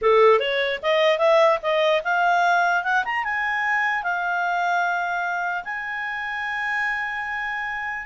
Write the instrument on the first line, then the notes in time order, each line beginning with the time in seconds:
clarinet
0.01 A4
0.39 C#5
0.82 D#5
1.18 E5
1.62 D#5
2.03 F5
2.83 F#5
3.05 A#5
3.23 G#5
4.03 F5
5.64 G#5